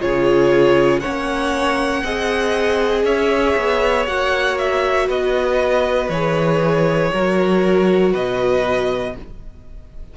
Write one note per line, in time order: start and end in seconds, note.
0.00 1.03 C#3
0.00 1.02 F4
0.00 1.02 G#4
0.00 1.00 C#5
1.00 2.05 C#4
1.00 2.03 C#5
1.00 3.04 F#5
1.07 2.03 A#3
2.03 3.04 C4
2.03 4.07 G#4
2.03 3.06 D#5
3.04 3.55 C#4
3.04 5.07 C#5
3.04 4.07 E5
3.57 4.07 B3
4.07 5.09 A#3
4.07 6.11 F#4
4.07 4.58 F#5
4.58 5.09 E5
5.07 6.09 B3
5.07 7.11 B4
5.07 6.10 D#5
6.09 7.11 E3
6.09 7.13 G#4
6.09 8.13 C#5
7.13 8.14 F#3
7.13 9.17 F#4
7.13 8.12 A#4
8.12 9.16 B2
8.12 9.14 B4
8.12 9.16 D#5